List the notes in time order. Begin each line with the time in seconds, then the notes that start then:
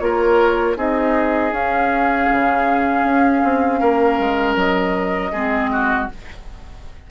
0.00 A#3 F4 A#4 C#5
0.76 C4 D#4 G#4 D#5
1.52 C#4 F5
2.31 C#3
3.04 C#4
3.44 C4
3.80 A#3 A#4
4.19 G#3
4.56 F#3 D#5
5.32 G#3 C4 G#4
5.73 F#4